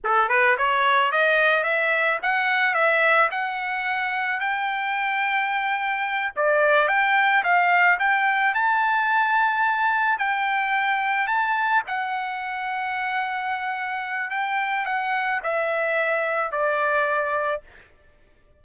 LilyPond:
\new Staff \with { instrumentName = "trumpet" } { \time 4/4 \tempo 4 = 109 a'8 b'8 cis''4 dis''4 e''4 | fis''4 e''4 fis''2 | g''2.~ g''8 d''8~ | d''8 g''4 f''4 g''4 a''8~ |
a''2~ a''8 g''4.~ | g''8 a''4 fis''2~ fis''8~ | fis''2 g''4 fis''4 | e''2 d''2 | }